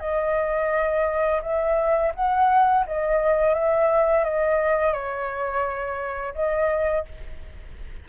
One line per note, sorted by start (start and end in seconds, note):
0.00 1.41 D#5
1.42 2.12 E5
2.14 2.85 F#5
2.86 3.54 D#5
3.54 4.24 E5
4.24 4.93 D#5
4.93 6.34 C#5
6.35 7.05 D#5